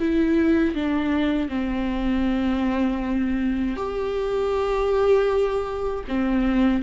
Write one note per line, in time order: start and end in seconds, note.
0.00 0.75 E4
0.75 1.49 D4
1.49 3.77 C4
3.77 6.04 G4
6.08 6.83 C4